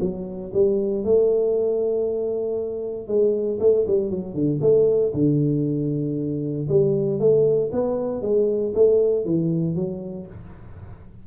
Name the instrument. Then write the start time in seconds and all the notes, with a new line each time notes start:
tuba
0.00 F#3
0.53 G3
1.04 A3
3.07 G#3
3.60 A3
3.86 G3
4.10 F#3
4.34 D3
4.61 A3
5.13 D3
6.68 G3
7.19 A3
7.72 B3
8.22 G#3
8.74 A3
9.25 E3
9.75 F#3